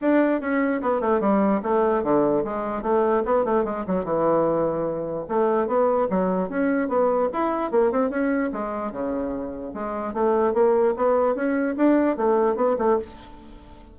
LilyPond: \new Staff \with { instrumentName = "bassoon" } { \time 4/4 \tempo 4 = 148 d'4 cis'4 b8 a8 g4 | a4 d4 gis4 a4 | b8 a8 gis8 fis8 e2~ | e4 a4 b4 fis4 |
cis'4 b4 e'4 ais8 c'8 | cis'4 gis4 cis2 | gis4 a4 ais4 b4 | cis'4 d'4 a4 b8 a8 | }